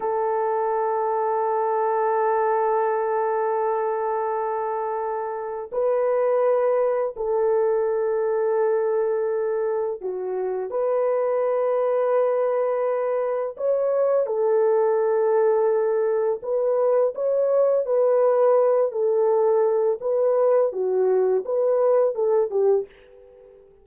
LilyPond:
\new Staff \with { instrumentName = "horn" } { \time 4/4 \tempo 4 = 84 a'1~ | a'1 | b'2 a'2~ | a'2 fis'4 b'4~ |
b'2. cis''4 | a'2. b'4 | cis''4 b'4. a'4. | b'4 fis'4 b'4 a'8 g'8 | }